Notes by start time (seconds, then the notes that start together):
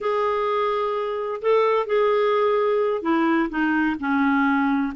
0.00 G#4
1.41 A4
1.86 G#4
3.02 E4
3.49 D#4
3.99 C#4